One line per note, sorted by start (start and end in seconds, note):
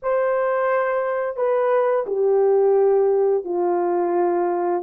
0.02 1.36 C5
1.36 2.05 B4
2.06 3.44 G4
3.44 4.82 F4